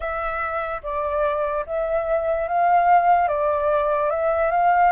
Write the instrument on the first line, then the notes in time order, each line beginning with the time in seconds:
flute
0.00 E5
0.83 D5
1.66 E5
2.48 F5
3.28 D5
4.10 E5
4.51 F5